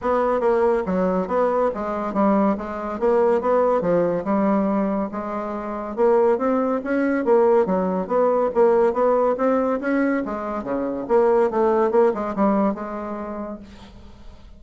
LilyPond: \new Staff \with { instrumentName = "bassoon" } { \time 4/4 \tempo 4 = 141 b4 ais4 fis4 b4 | gis4 g4 gis4 ais4 | b4 f4 g2 | gis2 ais4 c'4 |
cis'4 ais4 fis4 b4 | ais4 b4 c'4 cis'4 | gis4 cis4 ais4 a4 | ais8 gis8 g4 gis2 | }